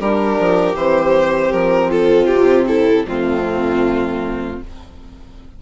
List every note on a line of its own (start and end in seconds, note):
0.00 0.38 G3
0.00 0.75 D4
0.00 1.90 G4
0.00 0.76 A#4
0.40 0.75 F3
0.75 1.52 E3
0.75 3.06 C4
0.75 1.52 C5
1.52 2.30 F3
1.52 1.91 A#4
1.90 2.67 F4
1.90 2.27 A4
2.27 3.06 C3
2.27 2.65 G4
2.68 3.06 E4
2.68 3.06 A4
3.06 4.60 F2
3.06 4.62 A3
3.06 4.62 C4
3.06 4.62 F4